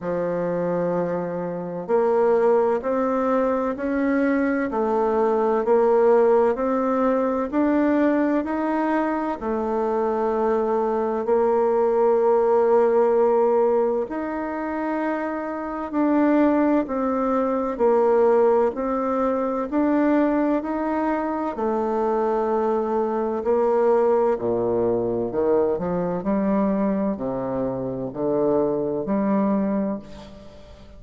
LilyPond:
\new Staff \with { instrumentName = "bassoon" } { \time 4/4 \tempo 4 = 64 f2 ais4 c'4 | cis'4 a4 ais4 c'4 | d'4 dis'4 a2 | ais2. dis'4~ |
dis'4 d'4 c'4 ais4 | c'4 d'4 dis'4 a4~ | a4 ais4 ais,4 dis8 f8 | g4 c4 d4 g4 | }